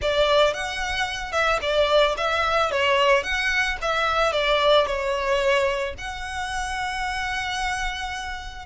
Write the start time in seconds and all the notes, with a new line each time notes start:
0.01 D5
0.53 F#5
1.32 E5
1.61 D5
2.17 E5
2.71 C#5
3.23 F#5
3.81 E5
4.32 D5
4.86 C#5
5.98 F#5